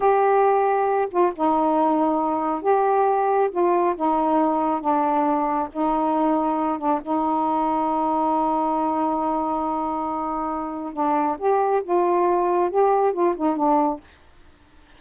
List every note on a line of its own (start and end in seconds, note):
0.00 1.08 G4
1.10 1.32 F4
1.35 2.62 D#4
2.62 3.49 G4
3.51 3.95 F4
3.95 4.81 D#4
4.81 5.68 D4
5.72 6.78 D#4
6.78 7.00 D4
7.02 10.93 D#4
10.93 11.37 D4
11.38 11.82 G4
11.83 12.70 F4
12.70 13.12 G4
13.12 13.34 F4
13.36 13.56 D#4
13.56 14.00 D4